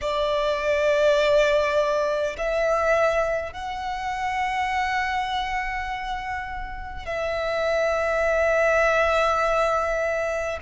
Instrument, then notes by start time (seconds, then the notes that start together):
violin
0.01 D5
2.37 E5
3.52 F#5
7.05 E5